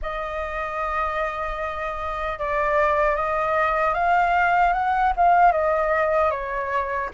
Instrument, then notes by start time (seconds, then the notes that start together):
flute
0.02 D#5
2.38 D5
3.16 D#5
3.94 F5
4.73 F#5
5.16 F5
5.52 D#5
6.31 C#5